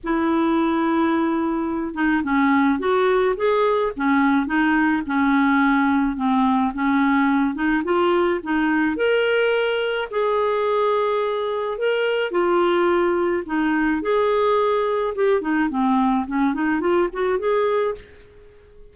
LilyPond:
\new Staff \with { instrumentName = "clarinet" } { \time 4/4 \tempo 4 = 107 e'2.~ e'8 dis'8 | cis'4 fis'4 gis'4 cis'4 | dis'4 cis'2 c'4 | cis'4. dis'8 f'4 dis'4 |
ais'2 gis'2~ | gis'4 ais'4 f'2 | dis'4 gis'2 g'8 dis'8 | c'4 cis'8 dis'8 f'8 fis'8 gis'4 | }